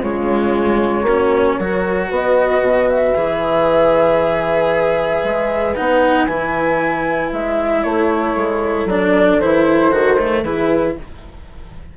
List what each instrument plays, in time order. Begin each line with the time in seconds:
0.00 bassoon C#3, cello G#3, horn F4, flute C#5
1.02 bassoon A#3, cello C#4, horn F#4
1.56 bassoon F#3, cello F#4, horn A#4
2.08 bassoon B3, horn B4, flute D#5
2.61 bassoon B2
2.88 flute E5
3.14 bassoon E3, cello G#4
5.23 bassoon G#3
5.75 bassoon B3, cello D#4, flute F#5
6.25 bassoon E3, cello E4, flute G#5
7.31 bassoon G#3, flute E5
7.82 bassoon A3, horn A4, flute C#5
8.35 bassoon G#3
8.85 bassoon F#3, cello D4, flute D5
9.40 bassoon E3, cello E4, flute C5
9.90 bassoon D#3, cello F#4
10.18 cello A3
10.42 bassoon E3, cello E4, horn G#4, flute B4